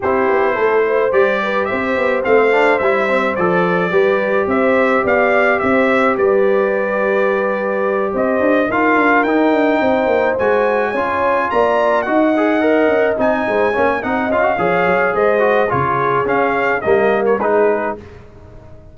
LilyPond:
<<
  \new Staff \with { instrumentName = "trumpet" } { \time 4/4 \tempo 4 = 107 c''2 d''4 e''4 | f''4 e''4 d''2 | e''4 f''4 e''4 d''4~ | d''2~ d''8 dis''4 f''8~ |
f''8 g''2 gis''4.~ | gis''8 ais''4 fis''2 gis''8~ | gis''4 fis''8 f''4. dis''4 | cis''4 f''4 dis''8. cis''16 b'4 | }
  \new Staff \with { instrumentName = "horn" } { \time 4/4 g'4 a'8 c''4 b'8 c''4~ | c''2. b'4 | c''4 d''4 c''4 b'4~ | b'2~ b'8 c''4 ais'8~ |
ais'4. c''2 cis''8~ | cis''8 d''4 dis''2~ dis''8 | c''8 cis''8 dis''4 cis''4 c''4 | gis'2 ais'4 gis'4 | }
  \new Staff \with { instrumentName = "trombone" } { \time 4/4 e'2 g'2 | c'8 d'8 e'8 c'8 a'4 g'4~ | g'1~ | g'2.~ g'8 f'8~ |
f'8 dis'2 fis'4 f'8~ | f'4. fis'8 gis'8 ais'4 dis'8~ | dis'8 cis'8 dis'8 f'16 fis'16 gis'4. fis'8 | f'4 cis'4 ais4 dis'4 | }
  \new Staff \with { instrumentName = "tuba" } { \time 4/4 c'8 b8 a4 g4 c'8 b8 | a4 g4 f4 g4 | c'4 b4 c'4 g4~ | g2~ g8 c'8 d'8 dis'8 |
d'8 dis'8 d'8 c'8 ais8 gis4 cis'8~ | cis'8 ais4 dis'4. cis'8 c'8 | gis8 ais8 c'8 cis'8 f8 fis8 gis4 | cis4 cis'4 g4 gis4 | }
>>